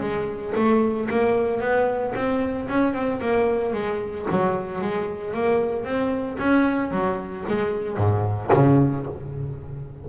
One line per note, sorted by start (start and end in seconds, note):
0.00 0.53 G#3
0.55 1.08 A3
1.10 1.60 A#3
1.60 2.13 B3
2.15 2.68 C4
2.69 2.93 C#4
2.93 3.20 C4
3.21 3.73 A#3
3.73 4.26 G#3
4.31 4.81 F#3
4.81 5.33 G#3
5.33 5.84 A#3
5.84 6.37 C4
6.39 6.91 C#4
6.91 7.44 F#3
7.48 7.97 G#3
7.97 8.50 G#2
8.53 9.06 C#3